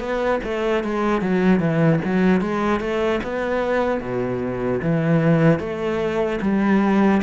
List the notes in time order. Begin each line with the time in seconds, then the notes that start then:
0.00 B3
0.44 A3
0.84 G#3
1.22 F#3
1.60 E3
2.05 F#3
2.41 G#3
2.81 A3
3.24 B3
4.01 B2
4.82 E3
5.60 A3
6.42 G3